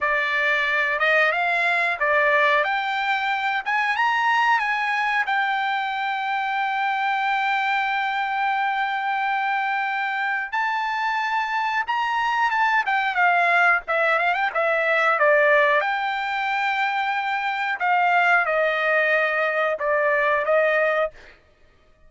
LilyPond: \new Staff \with { instrumentName = "trumpet" } { \time 4/4 \tempo 4 = 91 d''4. dis''8 f''4 d''4 | g''4. gis''8 ais''4 gis''4 | g''1~ | g''1 |
a''2 ais''4 a''8 g''8 | f''4 e''8 f''16 g''16 e''4 d''4 | g''2. f''4 | dis''2 d''4 dis''4 | }